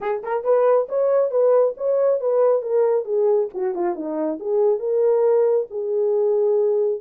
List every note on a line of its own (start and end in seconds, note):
0.00 0.22 G#4
0.23 0.44 A#4
0.44 0.87 B4
0.88 1.30 C#5
1.30 1.74 B4
1.77 2.20 C#5
2.20 2.62 B4
2.62 3.04 A#4
3.04 3.48 G#4
3.54 3.74 F#4
3.74 3.95 F4
3.95 4.39 D#4
4.39 4.79 G#4
4.79 5.66 A#4
5.70 7.00 G#4